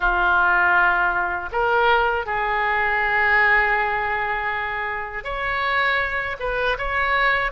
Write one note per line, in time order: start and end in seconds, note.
0.00 1.49 F4
1.52 2.26 A#4
2.26 5.23 G#4
5.23 6.36 C#5
6.39 6.77 B4
6.78 7.51 C#5